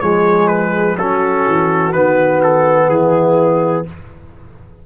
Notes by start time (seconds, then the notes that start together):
0.00 F3 G#3 G#4 C#5
0.48 B4
0.97 F#3 C#4 F#4 A4
1.48 E3
1.92 D#3 B3 B4
2.43 A4
2.88 E3 E4 G#4